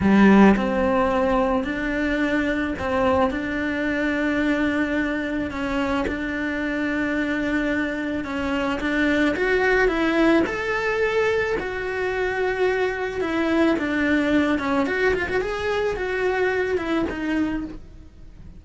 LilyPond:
\new Staff \with { instrumentName = "cello" } { \time 4/4 \tempo 4 = 109 g4 c'2 d'4~ | d'4 c'4 d'2~ | d'2 cis'4 d'4~ | d'2. cis'4 |
d'4 fis'4 e'4 a'4~ | a'4 fis'2. | e'4 d'4. cis'8 fis'8 f'16 fis'16 | gis'4 fis'4. e'8 dis'4 | }